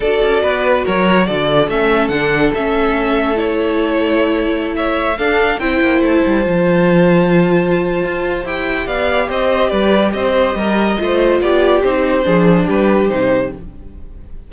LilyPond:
<<
  \new Staff \with { instrumentName = "violin" } { \time 4/4 \tempo 4 = 142 d''2 cis''4 d''4 | e''4 fis''4 e''2 | cis''2.~ cis''16 e''8.~ | e''16 f''4 g''4 a''4.~ a''16~ |
a''1 | g''4 f''4 dis''4 d''4 | dis''2. d''4 | c''2 b'4 c''4 | }
  \new Staff \with { instrumentName = "violin" } { \time 4/4 a'4 b'4 ais'4 a'4~ | a'1~ | a'2.~ a'16 cis''8.~ | cis''16 a'4 c''2~ c''8.~ |
c''1~ | c''4 d''4 c''4 b'4 | c''4 ais'4 c''4 g'4~ | g'4 gis'4 g'2 | }
  \new Staff \with { instrumentName = "viola" } { \time 4/4 fis'1 | cis'4 d'4 cis'2 | e'1~ | e'16 d'4 e'2 f'8.~ |
f'1 | g'1~ | g'2 f'2 | dis'4 d'2 dis'4 | }
  \new Staff \with { instrumentName = "cello" } { \time 4/4 d'8 cis'8 b4 fis4 d4 | a4 d4 a2~ | a1~ | a16 d'4 c'8 ais8 a8 g8 f8.~ |
f2. f'4 | e'4 b4 c'4 g4 | c'4 g4 a4 b4 | c'4 f4 g4 c4 | }
>>